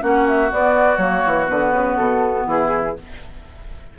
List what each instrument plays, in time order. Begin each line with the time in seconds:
0.00 bassoon A#3, clarinet C#4, oboe F#4, flute F#5
0.27 flute E5
0.50 clarinet B3, bassoon B3, flute D5
0.97 bassoon F#3, clarinet A#3, flute C#5
1.26 bassoon E3
1.46 bassoon D3, clarinet B3, flute B4
1.72 bassoon C#3
1.96 bassoon B2, flute A4
2.46 bassoon E3, oboe E4, flute G#4